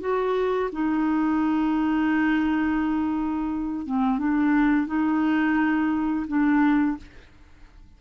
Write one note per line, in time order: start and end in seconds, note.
0.00 0.70 F#4
0.72 3.86 D#4
3.86 4.18 C4
4.18 4.86 D4
4.86 6.26 D#4
6.27 6.97 D4